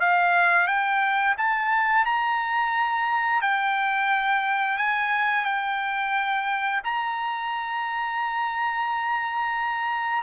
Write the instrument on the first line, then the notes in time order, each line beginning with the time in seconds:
trumpet
0.00 F5
0.67 G5
1.38 A5
2.05 A#5
3.42 G5
4.78 G#5
5.45 G5
6.84 A#5